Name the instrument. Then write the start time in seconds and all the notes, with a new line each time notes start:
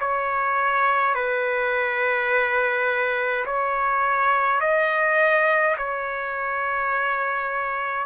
trumpet
0.00 C#5
1.14 B4
3.45 C#5
4.60 D#5
5.77 C#5